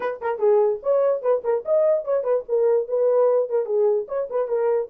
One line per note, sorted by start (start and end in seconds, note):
0.00 0.20 B4
0.21 0.38 A#4
0.38 0.79 G#4
0.82 1.21 C#5
1.21 1.42 B4
1.44 1.64 A#4
1.65 2.04 D#5
2.04 2.23 C#5
2.23 2.43 B4
2.48 2.88 A#4
2.88 3.49 B4
3.49 3.65 A#4
3.65 4.06 G#4
4.08 4.28 C#5
4.30 4.48 B4
4.48 4.88 A#4